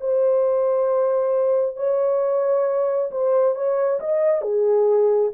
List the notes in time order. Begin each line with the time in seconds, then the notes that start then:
0.00 C5
1.76 C#5
3.11 C5
3.55 C#5
4.00 D#5
4.41 G#4